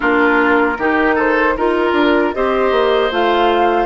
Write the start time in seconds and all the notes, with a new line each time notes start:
0.00 A#3 D4 F4 A#4
0.78 D#3 D#4 G4
1.15 A4 C5
1.56 D#4 F4 A#4
1.93 D4
2.33 C4 G4 C5 D#5
2.71 A#3
3.10 A3 F4 F5